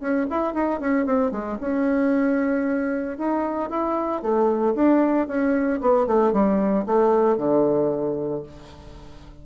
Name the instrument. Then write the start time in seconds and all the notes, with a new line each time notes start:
bassoon
0.00 C#4
0.30 E4
0.54 D#4
0.80 C#4
1.06 C4
1.31 G#3
1.61 C#4
3.17 D#4
3.70 E4
4.22 A3
4.75 D4
5.28 C#4
5.81 B3
6.07 A3
6.33 G3
6.86 A3
7.38 D3